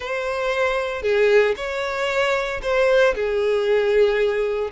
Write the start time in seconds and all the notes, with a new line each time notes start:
0.00 C5
1.02 G#4
1.56 C#5
2.62 C5
3.14 G#4